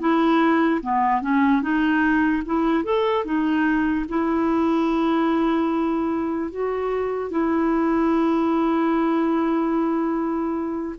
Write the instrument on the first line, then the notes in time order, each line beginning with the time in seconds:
clarinet
0.00 E4
0.82 B3
1.22 C#4
1.62 D#4
2.46 E4
2.85 A4
3.25 D#4
4.09 E4
6.51 F#4
7.31 E4